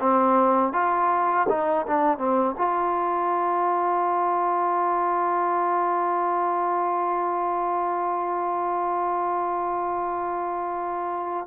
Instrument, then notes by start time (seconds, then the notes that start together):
trombone
0.00 C4
0.72 F4
1.48 D#4
1.87 D4
2.18 C4
2.58 F4